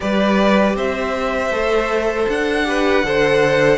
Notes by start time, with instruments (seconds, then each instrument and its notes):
0.00 cello G3, viola G4, violin B4 D5
0.75 cello C4, violin C5 E5
1.50 cello A3, viola A4
2.28 cello D4, violin F#5
2.64 viola G4, violin B4
3.03 cello D3, viola A4, violin C5